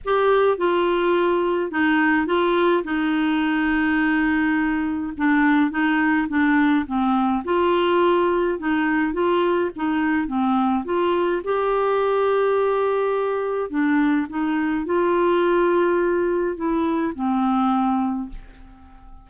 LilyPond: \new Staff \with { instrumentName = "clarinet" } { \time 4/4 \tempo 4 = 105 g'4 f'2 dis'4 | f'4 dis'2.~ | dis'4 d'4 dis'4 d'4 | c'4 f'2 dis'4 |
f'4 dis'4 c'4 f'4 | g'1 | d'4 dis'4 f'2~ | f'4 e'4 c'2 | }